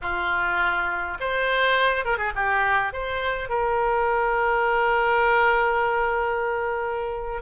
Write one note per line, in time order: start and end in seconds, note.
0.01 1.18 F4
1.19 2.04 C5
2.04 2.17 A#4
2.17 2.32 G#4
2.35 2.92 G4
2.92 3.49 C5
3.49 7.42 A#4